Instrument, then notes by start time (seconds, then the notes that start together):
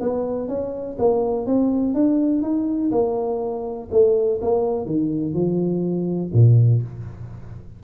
tuba
0.00 B3
0.48 C#4
0.98 A#3
1.46 C4
1.94 D4
2.42 D#4
2.91 A#3
3.91 A3
4.41 A#3
4.86 D#3
5.34 F3
6.33 A#2